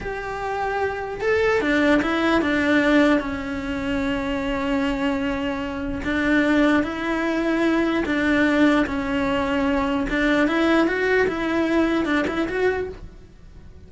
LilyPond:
\new Staff \with { instrumentName = "cello" } { \time 4/4 \tempo 4 = 149 g'2. a'4 | d'4 e'4 d'2 | cis'1~ | cis'2. d'4~ |
d'4 e'2. | d'2 cis'2~ | cis'4 d'4 e'4 fis'4 | e'2 d'8 e'8 fis'4 | }